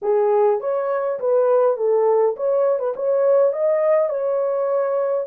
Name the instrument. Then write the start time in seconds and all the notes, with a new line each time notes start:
horn
0.02 G#4
0.60 C#5
1.19 B4
1.76 A4
2.36 C#5
2.79 B4
2.96 C#5
3.52 D#5
4.09 C#5